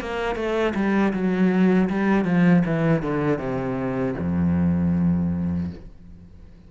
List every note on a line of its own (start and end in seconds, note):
0.00 0.35 A#3
0.35 0.73 A3
0.75 1.13 G3
1.13 1.89 F#3
1.89 2.25 G3
2.25 2.63 F3
2.65 3.02 E3
3.02 3.38 D3
3.38 4.14 C3
4.18 5.70 F2